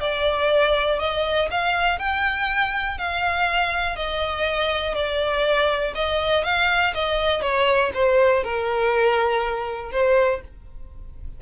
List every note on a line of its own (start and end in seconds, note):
0.00 0.99 D5
0.99 1.49 D#5
1.51 1.99 F5
1.99 2.98 G5
2.98 3.96 F5
3.96 4.95 D#5
4.95 5.94 D5
5.95 6.44 D#5
6.44 6.94 F5
6.94 7.42 D#5
7.42 7.92 C#5
7.94 8.44 C5
8.44 9.92 A#4
9.92 10.41 C5